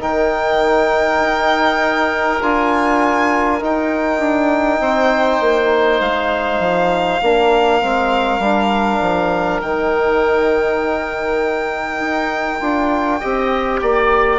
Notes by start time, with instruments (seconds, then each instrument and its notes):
0.00 bassoon D#3, trombone D#4, oboe A#4, violin G5
1.20 bassoon D#4
2.42 bassoon D4, trombone F4, violin G#5
3.60 trombone D#4, bassoon D#4, violin G5
4.19 bassoon D4
4.79 bassoon C4, oboe C5
5.41 bassoon A#3
6.01 bassoon G#3, violin F5
6.59 bassoon F3
7.21 bassoon A#3, trombone D4, oboe A#4
7.81 bassoon G#3, trombone C4
8.39 bassoon G3, trombone D4
9.01 bassoon F3
9.61 bassoon D#3, trombone D#4, violin G5
11.99 bassoon D#4
12.60 bassoon D4, trombone F4
13.20 bassoon C4, trombone G4, oboe D#5
13.82 bassoon A#3, oboe D5